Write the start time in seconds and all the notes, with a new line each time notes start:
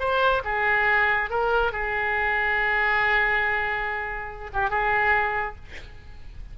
0.00 C5
0.45 G#4
1.31 A#4
1.73 G#4
4.54 G4
4.70 G#4